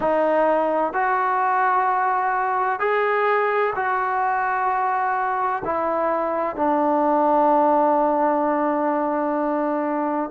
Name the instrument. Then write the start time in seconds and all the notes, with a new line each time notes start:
trombone
0.00 D#4
0.93 F#4
2.79 G#4
3.75 F#4
5.64 E4
6.56 D4